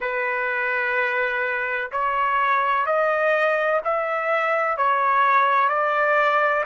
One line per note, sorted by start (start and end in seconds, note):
0.00 1.91 B4
1.91 2.86 C#5
2.86 3.81 D#5
3.84 4.77 E5
4.77 5.68 C#5
5.68 6.64 D5